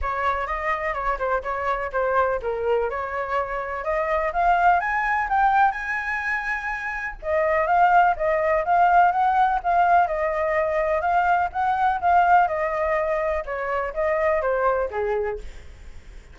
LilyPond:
\new Staff \with { instrumentName = "flute" } { \time 4/4 \tempo 4 = 125 cis''4 dis''4 cis''8 c''8 cis''4 | c''4 ais'4 cis''2 | dis''4 f''4 gis''4 g''4 | gis''2. dis''4 |
f''4 dis''4 f''4 fis''4 | f''4 dis''2 f''4 | fis''4 f''4 dis''2 | cis''4 dis''4 c''4 gis'4 | }